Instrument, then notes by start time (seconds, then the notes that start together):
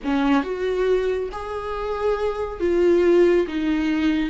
viola
0.04 C#4
0.43 F#4
1.32 G#4
2.60 F4
3.47 D#4